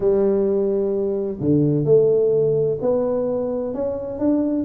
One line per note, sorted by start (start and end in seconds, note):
0.00 1.38 G3
1.40 1.85 D3
1.85 2.78 A3
2.81 3.73 B3
3.73 4.19 C#4
4.19 4.65 D4